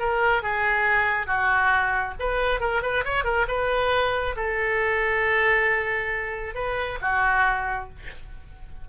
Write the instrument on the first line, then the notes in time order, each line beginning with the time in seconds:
oboe
0.00 A#4
0.43 G#4
1.27 F#4
2.20 B4
2.61 A#4
2.83 B4
3.05 C#5
3.25 A#4
3.48 B4
4.37 A4
6.55 B4
7.02 F#4